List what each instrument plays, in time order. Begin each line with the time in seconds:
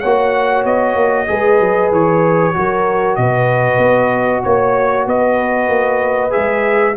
0.00 tuba A#3, trombone F#4, horn C#5, trumpet F#5
0.65 tuba B3, trumpet D#5
0.96 tuba A#3
1.28 tuba G#3, trombone G#4, horn B4
1.60 tuba F#3
1.92 tuba E3, trumpet C#5
2.54 tuba F#3, trombone F#4, horn A#4
3.16 tuba B2, horn B4, trumpet D#5
3.78 tuba B3
4.44 tuba A#3, horn C#5, trumpet C#5
5.06 tuba B3, horn B4, trumpet D#5
5.68 tuba A#3
6.30 trombone G#4, trumpet E5
6.37 tuba G#3